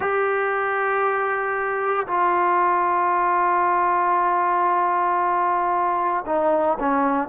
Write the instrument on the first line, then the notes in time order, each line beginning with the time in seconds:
trombone
0.00 G4
2.07 F4
6.26 D#4
6.79 C#4